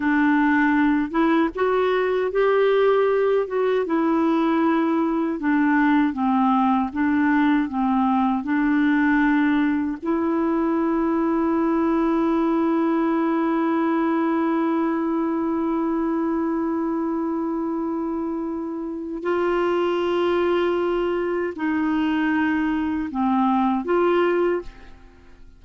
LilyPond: \new Staff \with { instrumentName = "clarinet" } { \time 4/4 \tempo 4 = 78 d'4. e'8 fis'4 g'4~ | g'8 fis'8 e'2 d'4 | c'4 d'4 c'4 d'4~ | d'4 e'2.~ |
e'1~ | e'1~ | e'4 f'2. | dis'2 c'4 f'4 | }